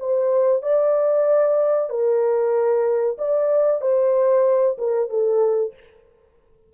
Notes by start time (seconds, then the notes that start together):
0.00 C5
0.63 D5
1.90 A#4
3.18 D5
3.82 C5
4.78 A#4
5.10 A4